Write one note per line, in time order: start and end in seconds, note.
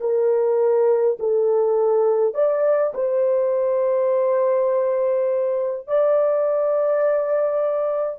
0.00 1.18 A#4
1.19 2.34 A4
2.34 2.93 D5
2.94 5.87 C5
5.87 8.19 D5